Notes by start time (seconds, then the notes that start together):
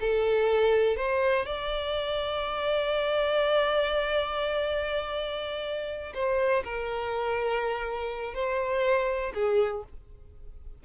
0.00 A4
0.97 C5
1.46 D5
6.14 C5
6.64 A#4
8.34 C5
9.34 G#4